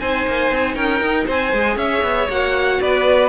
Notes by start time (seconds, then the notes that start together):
0.00 C4 D#4 C5 G#5
0.27 A#3
0.51 C4
0.75 C#4 A#4 G5
1.01 D#4
1.26 C4 C5 G#5
1.53 G#3 G#4
1.76 C#4 C#5 E5
2.03 B3
2.29 A#3 F#4 F#5
2.81 B3 B4 D5